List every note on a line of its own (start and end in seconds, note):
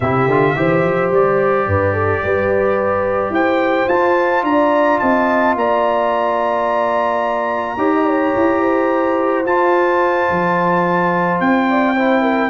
0.00 0.27 C3
0.00 0.30 E4
0.00 0.57 G4
0.00 1.11 E5
0.27 0.54 D3
0.27 0.56 F4
0.56 0.83 E3
0.56 3.89 G4
0.56 1.68 C5
0.83 1.11 F3
1.11 1.66 G3
1.11 3.34 D5
1.66 2.22 G2
1.66 1.93 B4
1.93 2.21 A4
2.23 3.30 G3
2.23 3.34 B4
3.30 3.85 E4
3.30 4.45 C5
3.30 3.88 G5
3.87 4.42 F4
3.87 7.78 F4
3.87 4.44 A5
4.42 4.98 D4
4.42 5.01 D5
4.42 4.99 A#5
4.99 5.55 C4
4.99 5.57 D#5
4.99 5.55 A5
5.55 7.76 A#3
5.55 7.77 D5
5.55 9.46 A#5
7.76 8.32 D#4
7.76 9.44 G4
7.76 7.91 C#5
7.94 8.06 D#5
8.06 8.61 C#5
8.36 9.45 E4
8.61 11.66 C5
9.45 11.95 F4
9.45 10.28 F4
9.45 11.40 A5
10.30 11.40 F3
11.40 12.49 C4
11.40 12.49 G5
11.69 11.95 D5
11.95 12.49 E4
11.95 12.22 C5
12.22 12.49 A#4